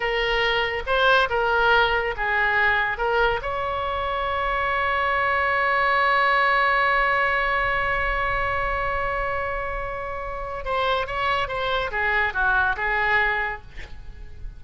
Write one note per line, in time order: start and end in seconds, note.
0.00 0.83 A#4
0.86 1.28 C5
1.29 2.14 A#4
2.16 2.97 G#4
2.97 3.40 A#4
3.42 10.64 C#5
10.64 11.06 C5
11.06 11.48 C#5
11.48 11.90 C5
11.91 12.33 G#4
12.33 12.76 F#4
12.76 13.61 G#4